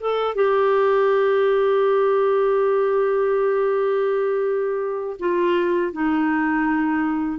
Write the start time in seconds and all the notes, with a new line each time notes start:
0.00 A4
0.35 G4
5.19 F4
5.92 D#4